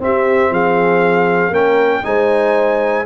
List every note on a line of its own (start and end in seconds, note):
0.00 1.52 C4
0.00 0.51 C4
0.00 0.51 G4
0.00 0.53 E5
0.51 1.50 F3
0.51 1.51 G#4
0.51 1.54 F5
1.50 2.01 A#3
1.50 2.03 C#4
1.50 2.02 A#4
1.50 2.05 G5
2.03 3.06 G#3
2.03 3.05 D#4
2.03 3.06 C5
2.03 3.06 G#5